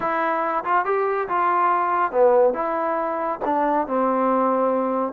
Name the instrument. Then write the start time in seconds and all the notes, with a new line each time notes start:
trombone
0.00 E4
0.64 F4
0.85 G4
1.28 F4
2.11 B3
2.53 E4
3.44 D4
3.87 C4